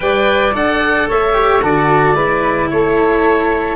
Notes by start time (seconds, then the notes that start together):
0.00 G3 B4 D5 G5
0.53 D4 A4 F#5
1.08 A3 C#5 E5
1.33 G4
1.61 D3 F#4 A4 D5
2.13 G#3 E4 B4
2.70 A3 A4 C#5